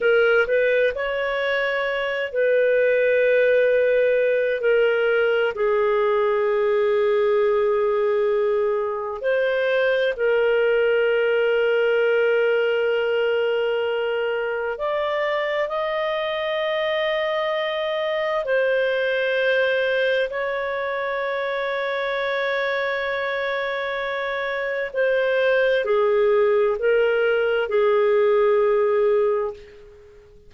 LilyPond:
\new Staff \with { instrumentName = "clarinet" } { \time 4/4 \tempo 4 = 65 ais'8 b'8 cis''4. b'4.~ | b'4 ais'4 gis'2~ | gis'2 c''4 ais'4~ | ais'1 |
d''4 dis''2. | c''2 cis''2~ | cis''2. c''4 | gis'4 ais'4 gis'2 | }